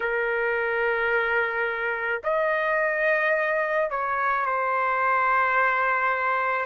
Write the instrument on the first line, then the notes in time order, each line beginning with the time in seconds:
trumpet
0.00 A#4
2.23 D#5
3.90 C#5
4.45 C5